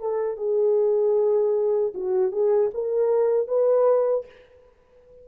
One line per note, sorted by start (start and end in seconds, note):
0.00 0.37 A4
0.37 1.93 G#4
1.94 2.32 F#4
2.32 2.71 G#4
2.74 3.47 A#4
3.47 4.25 B4